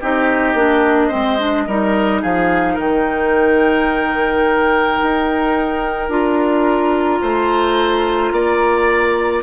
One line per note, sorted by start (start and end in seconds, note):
0.00 0.54 C4
0.00 0.56 D#4
0.00 1.07 G4
0.00 2.22 D#5
0.54 1.09 A#3
0.54 1.10 D4
1.07 1.38 C4
1.07 1.63 C5
1.13 1.67 G#3
1.38 1.66 D4
1.67 2.22 G3
1.67 6.09 D#4
1.67 2.21 A#4
2.21 2.78 F3
2.21 2.73 G#4
2.21 2.78 F5
2.73 5.00 D#3
2.73 7.18 A#4
2.79 6.09 G5
5.02 6.09 D#4
6.09 7.20 D4
6.09 9.42 F4
6.09 9.42 A#5
7.21 8.31 A3
7.21 8.32 C5
8.31 9.42 A#3
8.31 9.42 D5